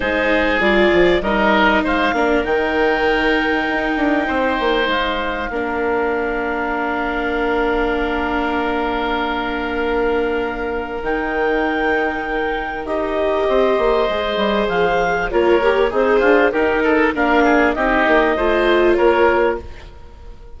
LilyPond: <<
  \new Staff \with { instrumentName = "clarinet" } { \time 4/4 \tempo 4 = 98 c''4 d''4 dis''4 f''4 | g''1 | f''1~ | f''1~ |
f''2 g''2~ | g''4 dis''2. | f''4 cis''4 c''4 ais'4 | f''4 dis''2 cis''4 | }
  \new Staff \with { instrumentName = "oboe" } { \time 4/4 gis'2 ais'4 c''8 ais'8~ | ais'2. c''4~ | c''4 ais'2.~ | ais'1~ |
ais'1~ | ais'2 c''2~ | c''4 ais'4 dis'8 f'8 g'8 a'8 | ais'8 gis'8 g'4 c''4 ais'4 | }
  \new Staff \with { instrumentName = "viola" } { \time 4/4 dis'4 f'4 dis'4. d'8 | dis'1~ | dis'4 d'2.~ | d'1~ |
d'2 dis'2~ | dis'4 g'2 gis'4~ | gis'4 f'8 g'8 gis'4 dis'4 | d'4 dis'4 f'2 | }
  \new Staff \with { instrumentName = "bassoon" } { \time 4/4 gis4 g8 f8 g4 gis8 ais8 | dis2 dis'8 d'8 c'8 ais8 | gis4 ais2.~ | ais1~ |
ais2 dis2~ | dis4 dis'4 c'8 ais8 gis8 g8 | f4 ais4 c'8 d'8 dis'4 | ais4 c'8 ais8 a4 ais4 | }
>>